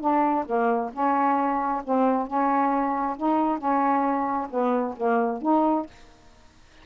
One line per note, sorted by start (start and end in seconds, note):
0.00 0.45 D4
0.46 0.90 A#3
0.93 1.82 C#4
1.84 2.27 C4
2.27 3.16 C#4
3.16 3.58 D#4
3.58 4.47 C#4
4.50 4.95 B3
4.97 5.41 A#3
5.41 5.86 D#4